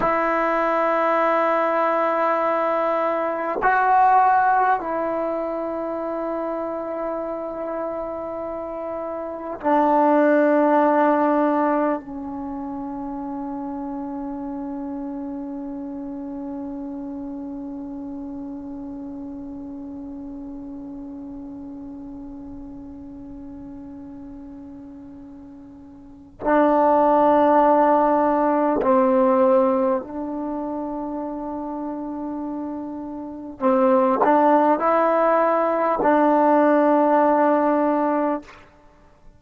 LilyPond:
\new Staff \with { instrumentName = "trombone" } { \time 4/4 \tempo 4 = 50 e'2. fis'4 | e'1 | d'2 cis'2~ | cis'1~ |
cis'1~ | cis'2 d'2 | c'4 d'2. | c'8 d'8 e'4 d'2 | }